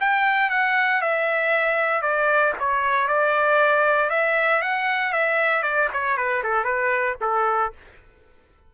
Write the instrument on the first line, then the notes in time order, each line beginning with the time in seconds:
trumpet
0.00 G5
0.50 F#5
1.01 E5
2.01 D5
2.59 C#5
3.08 D5
4.10 E5
4.62 F#5
5.13 E5
5.62 D5
5.93 C#5
6.17 B4
6.43 A4
6.64 B4
7.21 A4